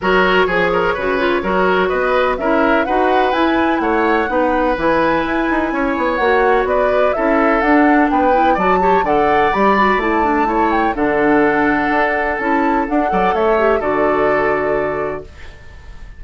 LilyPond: <<
  \new Staff \with { instrumentName = "flute" } { \time 4/4 \tempo 4 = 126 cis''1 | dis''4 e''4 fis''4 gis''4 | fis''2 gis''2~ | gis''4 fis''4 d''4 e''4 |
fis''4 g''4 a''4 fis''4 | b''4 a''4. g''8 fis''4~ | fis''2 a''4 fis''4 | e''4 d''2. | }
  \new Staff \with { instrumentName = "oboe" } { \time 4/4 ais'4 gis'8 ais'8 b'4 ais'4 | b'4 ais'4 b'2 | cis''4 b'2. | cis''2 b'4 a'4~ |
a'4 b'4 d''8 cis''8 d''4~ | d''2 cis''4 a'4~ | a'2.~ a'8 d''8 | cis''4 a'2. | }
  \new Staff \with { instrumentName = "clarinet" } { \time 4/4 fis'4 gis'4 fis'8 f'8 fis'4~ | fis'4 e'4 fis'4 e'4~ | e'4 dis'4 e'2~ | e'4 fis'2 e'4 |
d'4. e'8 fis'8 g'8 a'4 | g'8 fis'8 e'8 d'8 e'4 d'4~ | d'2 e'4 d'8 a'8~ | a'8 g'8 fis'2. | }
  \new Staff \with { instrumentName = "bassoon" } { \time 4/4 fis4 f4 cis4 fis4 | b4 cis'4 dis'4 e'4 | a4 b4 e4 e'8 dis'8 | cis'8 b8 ais4 b4 cis'4 |
d'4 b4 fis4 d4 | g4 a2 d4~ | d4 d'4 cis'4 d'8 fis8 | a4 d2. | }
>>